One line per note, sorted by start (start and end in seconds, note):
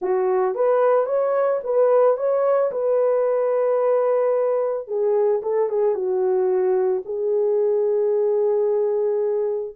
0.01 0.54 F#4
0.54 1.06 B4
1.06 1.60 C#5
1.63 2.17 B4
2.17 2.71 C#5
2.71 4.87 B4
4.87 5.41 G#4
5.42 5.69 A4
5.69 5.94 G#4
5.94 7.02 F#4
7.05 9.75 G#4